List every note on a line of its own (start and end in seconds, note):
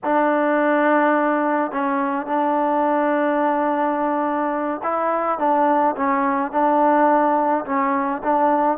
0.04 1.71 D4
1.71 2.26 C#4
2.26 4.81 D4
4.83 5.38 E4
5.38 5.95 D4
5.96 6.51 C#4
6.51 7.64 D4
7.65 8.22 C#4
8.23 8.77 D4